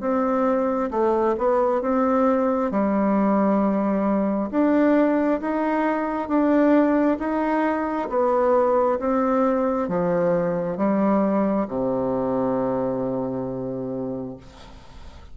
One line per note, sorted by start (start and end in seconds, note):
0.00 0.90 C4
0.90 1.35 A3
1.38 1.81 B3
1.81 2.71 C4
2.71 4.50 G3
4.51 5.40 D4
5.40 6.28 D#4
6.28 7.17 D4
7.19 8.08 D#4
8.09 8.98 B3
8.99 9.88 C4
9.88 10.77 F3
10.77 11.67 G3
11.67 14.36 C3